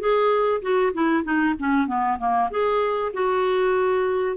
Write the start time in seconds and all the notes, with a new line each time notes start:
0.00 G#4
0.62 F#4
0.94 E4
1.24 D#4
1.59 C#4
1.88 B3
2.19 A#3
2.51 G#4
3.14 F#4